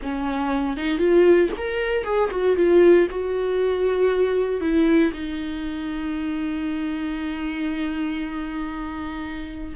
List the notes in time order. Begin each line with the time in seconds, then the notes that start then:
0.02 C#4
0.76 D#4
0.98 F4
1.57 A#4
2.03 G#4
2.30 F#4
2.56 F4
3.10 F#4
4.60 E4
5.13 D#4